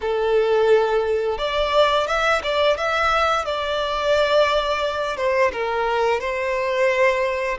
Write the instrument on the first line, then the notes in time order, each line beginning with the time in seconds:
violin
0.01 A4
1.38 D5
2.07 E5
2.43 D5
2.77 E5
3.45 D5
5.17 C5
5.52 A#4
6.20 C5